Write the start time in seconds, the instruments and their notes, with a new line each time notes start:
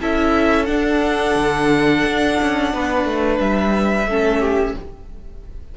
0.00 cello C#4, viola E4, violin A4 E5
0.65 viola D4, cello D4, violin F#5
1.35 cello D3
2.05 cello D4
2.42 cello C#4
2.73 cello B3, violin B4
3.04 cello A3
3.39 cello G3, violin E5
4.06 cello A3, viola C#4, violin A4
4.40 violin G4